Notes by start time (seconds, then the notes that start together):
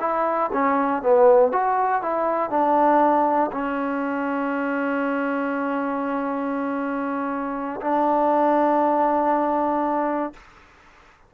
0.00 E4
0.52 C#4
1.02 B3
1.51 F#4
2.02 E4
2.50 D4
3.52 C#4
7.81 D4